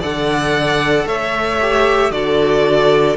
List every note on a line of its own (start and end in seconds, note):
0.00 1.06 D3
0.00 1.59 A4
0.00 1.05 D5
0.00 1.08 F#5
1.06 2.11 A3
1.06 2.12 C#5
1.06 2.12 E5
1.62 2.12 G4
2.11 3.17 D3
2.11 3.17 F#4
2.11 3.18 A4
2.11 3.17 D5